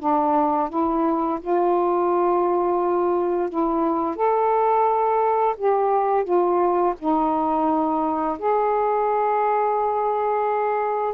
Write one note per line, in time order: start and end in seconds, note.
0.00 0.70 D4
0.70 1.40 E4
1.41 3.50 F4
3.50 4.16 E4
4.16 5.56 A4
5.58 6.25 G4
6.25 6.95 F4
6.99 8.39 D#4
8.39 11.14 G#4